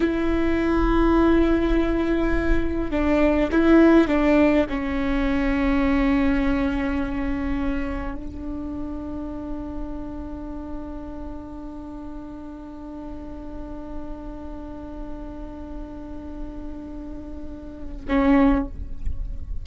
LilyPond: \new Staff \with { instrumentName = "viola" } { \time 4/4 \tempo 4 = 103 e'1~ | e'4 d'4 e'4 d'4 | cis'1~ | cis'2 d'2~ |
d'1~ | d'1~ | d'1~ | d'2. cis'4 | }